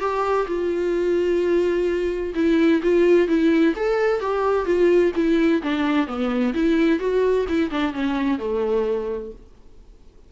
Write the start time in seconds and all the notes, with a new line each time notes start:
0.00 G4
0.47 F4
2.35 E4
2.83 F4
3.28 E4
3.76 A4
4.20 G4
4.66 F4
5.15 E4
5.62 D4
6.07 B3
6.54 E4
6.99 F#4
7.49 E4
7.71 D4
7.93 C#4
8.39 A3